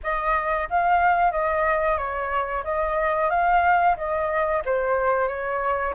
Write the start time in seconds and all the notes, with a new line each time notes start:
0.03 D#5
0.69 F5
1.31 D#5
1.97 C#5
2.64 D#5
3.30 F5
3.97 D#5
4.65 C5
5.28 C#5